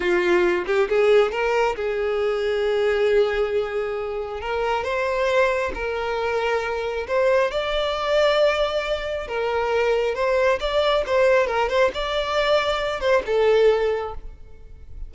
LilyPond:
\new Staff \with { instrumentName = "violin" } { \time 4/4 \tempo 4 = 136 f'4. g'8 gis'4 ais'4 | gis'1~ | gis'2 ais'4 c''4~ | c''4 ais'2. |
c''4 d''2.~ | d''4 ais'2 c''4 | d''4 c''4 ais'8 c''8 d''4~ | d''4. c''8 a'2 | }